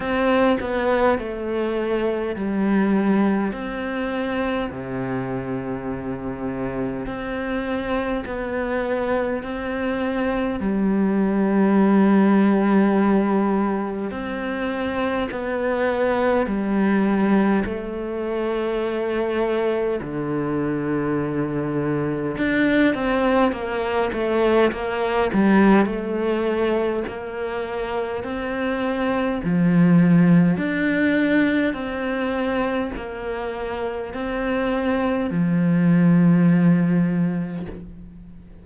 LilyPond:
\new Staff \with { instrumentName = "cello" } { \time 4/4 \tempo 4 = 51 c'8 b8 a4 g4 c'4 | c2 c'4 b4 | c'4 g2. | c'4 b4 g4 a4~ |
a4 d2 d'8 c'8 | ais8 a8 ais8 g8 a4 ais4 | c'4 f4 d'4 c'4 | ais4 c'4 f2 | }